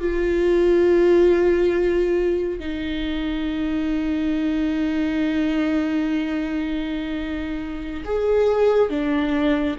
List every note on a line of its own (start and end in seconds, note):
0.00 2.59 F4
2.59 8.03 D#4
8.04 8.89 G#4
8.89 9.76 D4